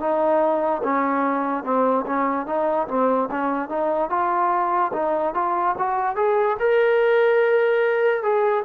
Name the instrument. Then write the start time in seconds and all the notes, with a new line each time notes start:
trombone
0.00 D#4
0.84 C#4
1.64 C4
2.06 C#4
2.47 D#4
2.88 C4
3.31 C#4
3.69 D#4
4.10 F4
4.93 D#4
5.34 F4
5.78 F#4
6.16 G#4
6.59 A#4
8.23 G#4